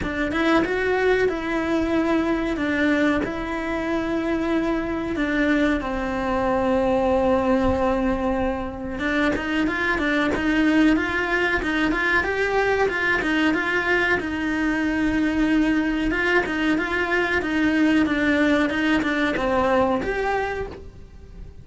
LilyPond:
\new Staff \with { instrumentName = "cello" } { \time 4/4 \tempo 4 = 93 d'8 e'8 fis'4 e'2 | d'4 e'2. | d'4 c'2.~ | c'2 d'8 dis'8 f'8 d'8 |
dis'4 f'4 dis'8 f'8 g'4 | f'8 dis'8 f'4 dis'2~ | dis'4 f'8 dis'8 f'4 dis'4 | d'4 dis'8 d'8 c'4 g'4 | }